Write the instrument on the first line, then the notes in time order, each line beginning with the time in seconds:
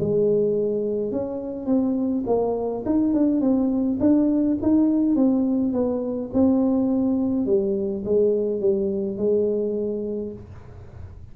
tuba
0.00 G#3
1.12 C#4
1.67 C4
2.27 A#3
2.86 D#4
3.14 D4
3.41 C4
4.00 D4
4.62 D#4
5.16 C4
5.74 B3
6.34 C4
7.46 G3
8.05 G#3
8.61 G3
9.18 G#3